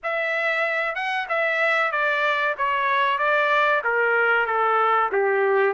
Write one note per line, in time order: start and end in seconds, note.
0.03 0.95 E5
0.95 1.26 F#5
1.29 1.91 E5
1.91 2.55 D5
2.57 3.18 C#5
3.18 3.82 D5
3.84 4.46 A#4
4.46 5.10 A4
5.12 5.73 G4